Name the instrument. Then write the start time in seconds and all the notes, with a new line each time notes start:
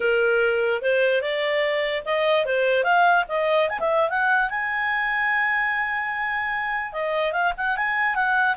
clarinet
0.00 A#4
0.82 C5
1.21 D5
2.05 D#5
2.45 C5
2.83 F5
3.28 D#5
3.69 G#5
3.79 E5
4.09 F#5
4.50 G#5
6.92 D#5
7.32 F5
7.57 F#5
7.77 G#5
8.15 F#5